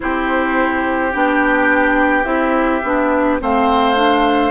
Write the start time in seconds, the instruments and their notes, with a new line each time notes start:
0.00 bassoon C4, clarinet E4, oboe G4, flute C5
1.12 bassoon B3, clarinet D4, flute G5
2.24 bassoon C4, clarinet E4, flute E5
2.83 bassoon B3, clarinet D4
3.39 bassoon A3, clarinet C4, oboe C5, flute F5
3.95 clarinet D4